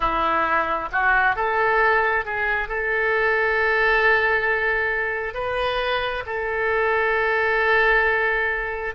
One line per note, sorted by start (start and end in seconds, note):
0.00 0.89 E4
0.92 1.35 F#4
1.35 2.25 A4
2.25 2.68 G#4
2.68 5.34 A4
5.34 6.23 B4
6.26 8.94 A4